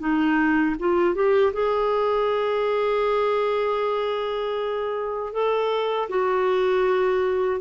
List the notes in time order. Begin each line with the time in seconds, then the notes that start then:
0.00 D#4
0.80 F4
1.15 G4
1.54 G#4
5.33 A4
6.10 F#4